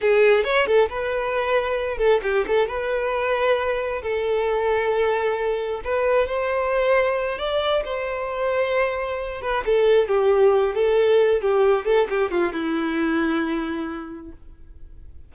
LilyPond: \new Staff \with { instrumentName = "violin" } { \time 4/4 \tempo 4 = 134 gis'4 cis''8 a'8 b'2~ | b'8 a'8 g'8 a'8 b'2~ | b'4 a'2.~ | a'4 b'4 c''2~ |
c''8 d''4 c''2~ c''8~ | c''4 b'8 a'4 g'4. | a'4. g'4 a'8 g'8 f'8 | e'1 | }